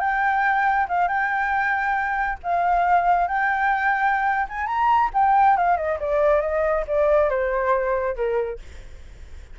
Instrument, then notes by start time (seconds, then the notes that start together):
flute
0.00 G5
0.89 F5
1.08 G5
2.43 F5
3.27 G5
4.49 G#5
4.67 A#5
5.14 G5
5.57 F5
5.77 D#5
5.99 D5
6.41 D#5
6.87 D5
7.30 C5
8.16 A#4